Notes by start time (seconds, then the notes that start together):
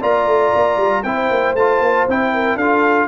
0.00 A#3 F4 D5 A#5
0.26 A3
0.55 A#3
0.76 G3
1.03 C4 E4 C5 G5
1.30 A#3
1.54 A3 F4 A5
1.80 A#3
2.07 C4 E4 G5
2.34 A#4
2.56 D4 F4 A4 F5